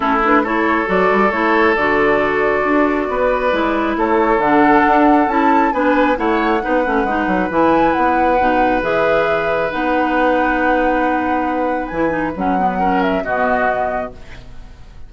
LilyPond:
<<
  \new Staff \with { instrumentName = "flute" } { \time 4/4 \tempo 4 = 136 a'8 b'8 cis''4 d''4 cis''4 | d''1~ | d''4 cis''4 fis''2 | a''4 gis''4 fis''2~ |
fis''4 gis''4 fis''2 | e''2 fis''2~ | fis''2. gis''4 | fis''4. e''8 dis''2 | }
  \new Staff \with { instrumentName = "oboe" } { \time 4/4 e'4 a'2.~ | a'2. b'4~ | b'4 a'2.~ | a'4 b'4 cis''4 b'4~ |
b'1~ | b'1~ | b'1~ | b'4 ais'4 fis'2 | }
  \new Staff \with { instrumentName = "clarinet" } { \time 4/4 cis'8 d'8 e'4 fis'4 e'4 | fis'1 | e'2 d'2 | e'4 d'4 e'4 dis'8 cis'8 |
dis'4 e'2 dis'4 | gis'2 dis'2~ | dis'2. e'8 dis'8 | cis'8 b8 cis'4 b2 | }
  \new Staff \with { instrumentName = "bassoon" } { \time 4/4 a2 fis8 g8 a4 | d2 d'4 b4 | gis4 a4 d4 d'4 | cis'4 b4 a4 b8 a8 |
gis8 fis8 e4 b4 b,4 | e2 b2~ | b2. e4 | fis2 b,2 | }
>>